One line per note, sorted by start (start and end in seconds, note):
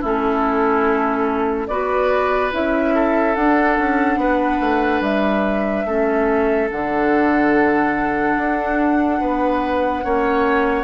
0.00 1.68 A3
0.00 1.69 C#4
0.00 1.67 E4
0.00 1.67 A4
1.67 2.51 B3
1.67 2.51 F#4
1.67 2.94 B4
1.67 2.50 D5
2.51 3.36 C#4
2.51 3.34 E4
2.51 3.35 E5
2.94 4.19 A4
3.35 3.77 D4
3.35 5.87 D4
3.35 5.01 F#5
3.78 4.16 C#4
4.16 4.58 B3
4.16 5.86 B4
4.60 5.01 A3
5.01 5.84 G3
5.01 6.69 E5
5.85 6.68 A3
5.85 6.70 C#4
5.85 9.20 A4
6.70 8.37 D3
6.70 10.03 D4
6.70 10.83 F#5
8.37 9.20 D4
9.20 10.04 B3
9.20 10.04 B4
10.03 10.83 A#3
10.03 10.83 C#4
10.03 10.83 C#5